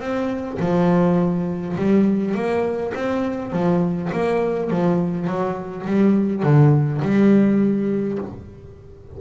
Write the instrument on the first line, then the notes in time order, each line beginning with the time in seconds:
double bass
0.00 C4
0.60 F3
1.76 G3
2.35 A#3
2.94 C4
3.52 F3
4.13 A#3
4.71 F3
5.27 F#3
5.86 G3
6.43 D3
7.02 G3